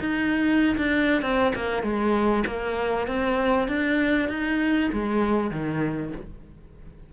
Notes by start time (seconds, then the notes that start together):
0.00 D#4
0.77 D4
1.22 C4
1.55 A#3
1.83 G#3
2.46 A#3
3.07 C4
3.68 D4
4.29 D#4
4.93 G#3
5.51 D#3